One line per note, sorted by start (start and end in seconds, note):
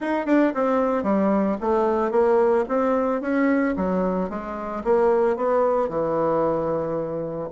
0.00 0.26 D#4
0.26 0.52 D4
0.54 1.03 C4
1.03 1.56 G3
1.60 2.11 A3
2.11 2.64 A#3
2.68 3.21 C4
3.21 3.75 C#4
3.76 4.29 F#3
4.29 4.83 G#3
4.84 5.36 A#3
5.36 5.88 B3
5.88 7.49 E3